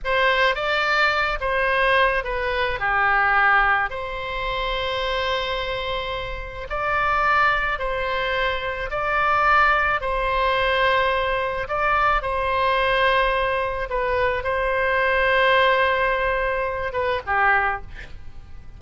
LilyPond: \new Staff \with { instrumentName = "oboe" } { \time 4/4 \tempo 4 = 108 c''4 d''4. c''4. | b'4 g'2 c''4~ | c''1 | d''2 c''2 |
d''2 c''2~ | c''4 d''4 c''2~ | c''4 b'4 c''2~ | c''2~ c''8 b'8 g'4 | }